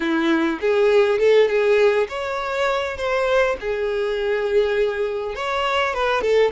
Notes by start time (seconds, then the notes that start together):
0.00 E4
0.60 G#4
1.19 A4
1.47 G#4
2.08 C#5
2.97 C5
3.60 G#4
5.35 C#5
5.94 B4
6.21 A4